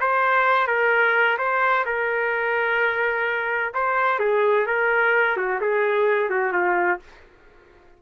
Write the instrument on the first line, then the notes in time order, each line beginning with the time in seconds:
trumpet
0.00 C5
0.68 A#4
1.38 C5
1.86 A#4
3.74 C5
4.20 G#4
4.67 A#4
5.37 F#4
5.61 G#4
6.30 F#4
6.53 F4